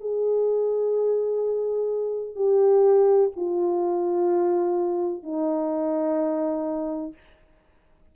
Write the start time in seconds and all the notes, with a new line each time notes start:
0.00 G#4
2.35 G4
3.36 F4
5.23 D#4